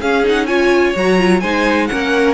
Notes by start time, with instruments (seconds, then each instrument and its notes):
0.00 cello C#4, viola C#4, violin G#4 F5
0.24 viola D#4, violin F#5
0.46 viola F4, violin C#5 G#5
0.95 cello F#3, viola F#4, violin A#5
1.18 viola F4
1.40 cello G#3, viola D#4, violin C5 G#5
1.86 viola C#4, violin A#4 F#5
1.92 cello A#3